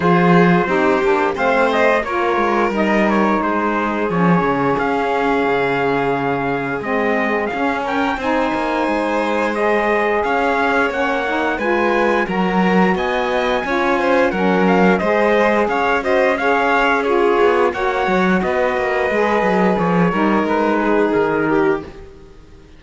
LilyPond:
<<
  \new Staff \with { instrumentName = "trumpet" } { \time 4/4 \tempo 4 = 88 c''2 f''8 dis''8 cis''4 | dis''8 cis''8 c''4 cis''4 f''4~ | f''2 dis''4 f''8 g''8 | gis''2 dis''4 f''4 |
fis''4 gis''4 ais''4 gis''4~ | gis''4 fis''8 f''8 dis''4 f''8 dis''8 | f''4 cis''4 fis''4 dis''4~ | dis''4 cis''4 b'4 ais'4 | }
  \new Staff \with { instrumentName = "violin" } { \time 4/4 gis'4 g'4 c''4 ais'4~ | ais'4 gis'2.~ | gis'2.~ gis'8 ais'8 | c''2. cis''4~ |
cis''4 b'4 ais'4 dis''4 | cis''8 c''8 ais'4 c''4 cis''8 c''8 | cis''4 gis'4 cis''4 b'4~ | b'4. ais'4 gis'4 g'8 | }
  \new Staff \with { instrumentName = "saxophone" } { \time 4/4 f'4 dis'8 d'8 c'4 f'4 | dis'2 cis'2~ | cis'2 c'4 cis'4 | dis'2 gis'2 |
cis'8 dis'8 f'4 fis'2 | f'4 cis'4 gis'4. fis'8 | gis'4 f'4 fis'2 | gis'4. dis'2~ dis'8 | }
  \new Staff \with { instrumentName = "cello" } { \time 4/4 f4 c'8 ais8 a4 ais8 gis8 | g4 gis4 f8 cis8 cis'4 | cis2 gis4 cis'4 | c'8 ais8 gis2 cis'4 |
ais4 gis4 fis4 b4 | cis'4 fis4 gis4 cis'4~ | cis'4. b8 ais8 fis8 b8 ais8 | gis8 fis8 f8 g8 gis4 dis4 | }
>>